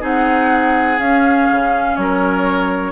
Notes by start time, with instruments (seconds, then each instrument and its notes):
0.00 bassoon C4, clarinet D#4, oboe G#4, flute F#5
0.98 bassoon C#4, clarinet C#4, flute F5
1.50 bassoon C#3
1.95 bassoon F#3, oboe A#4, flute C#5